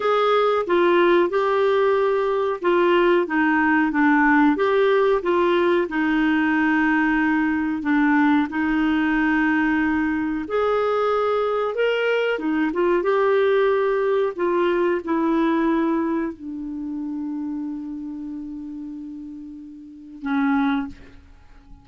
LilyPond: \new Staff \with { instrumentName = "clarinet" } { \time 4/4 \tempo 4 = 92 gis'4 f'4 g'2 | f'4 dis'4 d'4 g'4 | f'4 dis'2. | d'4 dis'2. |
gis'2 ais'4 dis'8 f'8 | g'2 f'4 e'4~ | e'4 d'2.~ | d'2. cis'4 | }